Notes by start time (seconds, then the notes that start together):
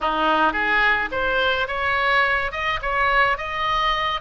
0.00 D#4
0.53 G#4
1.11 C5
1.67 C#5
2.51 D#5
2.82 C#5
3.37 D#5